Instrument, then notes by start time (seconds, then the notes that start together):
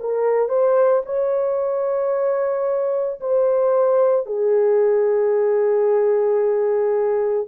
horn
0.00 A#4
0.49 C5
1.05 C#5
3.20 C5
4.26 G#4